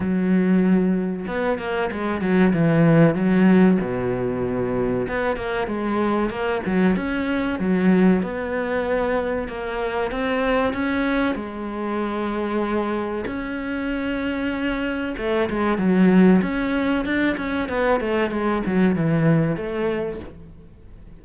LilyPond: \new Staff \with { instrumentName = "cello" } { \time 4/4 \tempo 4 = 95 fis2 b8 ais8 gis8 fis8 | e4 fis4 b,2 | b8 ais8 gis4 ais8 fis8 cis'4 | fis4 b2 ais4 |
c'4 cis'4 gis2~ | gis4 cis'2. | a8 gis8 fis4 cis'4 d'8 cis'8 | b8 a8 gis8 fis8 e4 a4 | }